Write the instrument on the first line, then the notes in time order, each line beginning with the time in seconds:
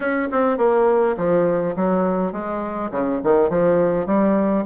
bassoon
0.00 C#4
0.31 C4
0.57 A#3
1.17 F3
1.76 F#3
2.32 G#3
2.91 C#3
3.23 D#3
3.49 F3
4.06 G3